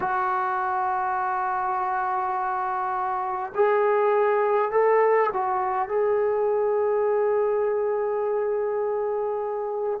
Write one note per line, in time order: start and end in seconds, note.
0.00 3.52 F#4
3.55 4.71 G#4
4.71 5.29 A4
5.33 5.88 F#4
5.88 10.00 G#4